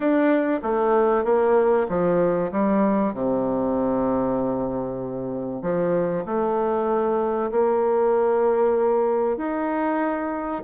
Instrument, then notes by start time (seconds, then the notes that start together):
bassoon
0.00 D4
0.62 A3
1.24 A#3
1.88 F3
2.51 G3
3.13 C3
5.61 F3
6.25 A3
7.51 A#3
9.37 D#4